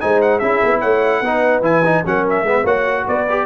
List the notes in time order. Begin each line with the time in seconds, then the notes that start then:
0.00 G#3 D#4 C5 G#5
0.21 F#5
0.39 C#4 E4 G#4 E5
0.63 B3
0.80 A3 C#5 F#5
1.21 B3 D#4 B4
1.61 E3 E4 G#5
1.84 D#4
2.04 F#3 C#4 A#4 F#5
2.29 E5
2.42 G#3 B3
2.49 B4
2.63 A#3 F#4 C#5 F#5
3.06 B3 B4 D5
3.29 G4